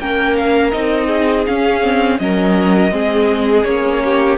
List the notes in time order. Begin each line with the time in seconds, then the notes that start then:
0.00 A#3 C#4 A#4 G5
0.37 F5
0.71 C4 D#4 D#5
1.07 G#4
1.46 C#4 F5
1.82 C4
2.19 F#3 C#4 A#4 D#5
2.91 G#3 C4 G#4
3.64 A#3 C#4 C#5
4.04 G4